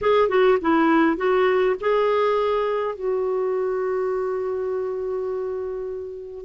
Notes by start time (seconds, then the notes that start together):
0.01 G#4
0.28 F#4
0.61 E4
1.16 F#4
1.80 G#4
2.95 F#4